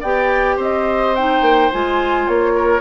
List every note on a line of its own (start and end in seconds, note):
0.00 0.57 B3
0.00 1.16 G4
0.00 0.56 D5
0.00 0.58 G5
0.56 1.41 C4
0.56 2.52 C5
0.56 1.15 D#5
1.15 1.72 D#4
1.15 1.71 G5
1.41 1.69 A#3
1.72 2.28 G#3
1.72 2.80 F4
1.72 2.28 G#5
2.28 2.80 A#3
2.28 2.80 C#5
2.55 2.80 A#4